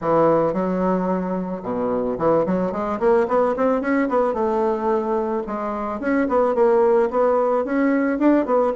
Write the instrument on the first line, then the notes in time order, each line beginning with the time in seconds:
bassoon
0.01 E3
0.53 F#3
1.62 B2
2.18 E3
2.45 F#3
2.71 G#3
2.99 A#3
3.28 B3
3.56 C4
3.81 C#4
4.09 B3
4.33 A3
5.46 G#3
6.00 C#4
6.28 B3
6.55 A#3
7.10 B3
7.64 C#4
8.18 D4
8.45 B3